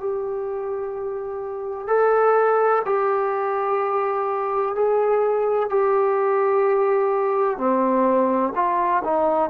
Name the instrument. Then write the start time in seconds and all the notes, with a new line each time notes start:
trombone
0.00 G4
1.87 A4
2.85 G4
4.75 G#4
5.69 G4
7.58 C4
8.55 F4
9.04 D#4